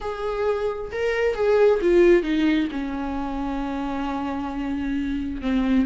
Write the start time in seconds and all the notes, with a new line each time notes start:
0.00 G#4
0.92 A#4
1.35 G#4
1.81 F4
2.22 D#4
2.71 C#4
5.41 C4